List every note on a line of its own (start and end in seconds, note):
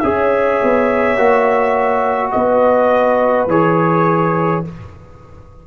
0.00 0.62 C#4
0.00 1.18 G#4
0.00 2.34 C#5
0.00 2.31 E5
0.63 1.17 B3
1.17 2.32 A#3
1.17 3.49 F#4
2.32 3.48 B3
2.32 4.68 B4
2.32 3.47 D#5
3.48 4.63 E3
3.48 4.65 G#4
3.48 4.65 C#5